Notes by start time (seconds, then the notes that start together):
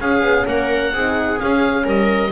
0.00 C#4 G#4 F5
0.22 B3
0.46 A#3 A#4 F#5
0.93 C4 D#4 G#4
1.37 C#4 F5
1.85 G3 A#4 D#5